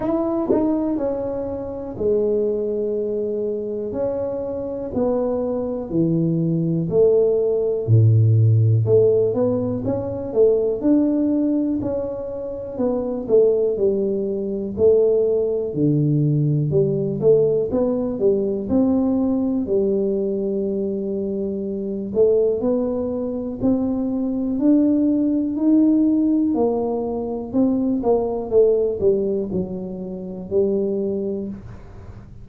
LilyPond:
\new Staff \with { instrumentName = "tuba" } { \time 4/4 \tempo 4 = 61 e'8 dis'8 cis'4 gis2 | cis'4 b4 e4 a4 | a,4 a8 b8 cis'8 a8 d'4 | cis'4 b8 a8 g4 a4 |
d4 g8 a8 b8 g8 c'4 | g2~ g8 a8 b4 | c'4 d'4 dis'4 ais4 | c'8 ais8 a8 g8 fis4 g4 | }